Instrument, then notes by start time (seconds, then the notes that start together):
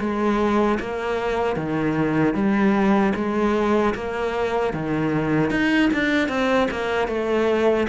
cello
0.00 G#3
0.80 A#3
1.56 D#3
2.34 G3
3.15 G#3
3.95 A#3
4.74 D#3
5.50 D#4
5.94 D4
6.29 C4
6.71 A#3
7.08 A3